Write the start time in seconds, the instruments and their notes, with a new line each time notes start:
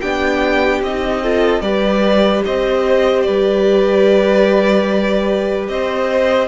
0.00 cello B3, viola D4, violin G4 G5
0.81 cello C4, viola D#4, violin D#5
1.22 viola F4, violin A4
1.61 cello G3, viola G4, violin B4 D5
2.45 cello C4, violin C5 D#5
3.22 cello G3, violin B4 D5
5.68 cello C4, violin C5 D#5